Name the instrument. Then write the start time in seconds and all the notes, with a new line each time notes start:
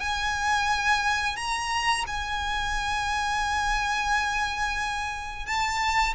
violin
0.00 G#5
1.36 A#5
2.06 G#5
5.46 A5